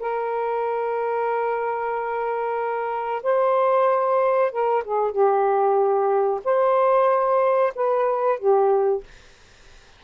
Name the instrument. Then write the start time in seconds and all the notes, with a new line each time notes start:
saxophone
0.00 A#4
3.23 C5
4.52 A#4
4.85 G#4
5.12 G4
6.45 C5
7.76 B4
8.40 G4